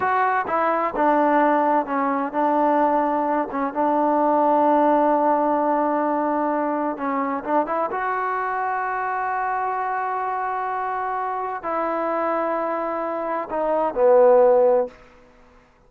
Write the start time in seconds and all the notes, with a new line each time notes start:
0.00 F#4
0.47 E4
0.96 D4
1.86 C#4
2.32 D4
3.51 C#4
3.73 D4
6.97 C#4
7.44 D4
7.66 E4
7.91 F#4
11.62 E4
13.50 D#4
13.94 B3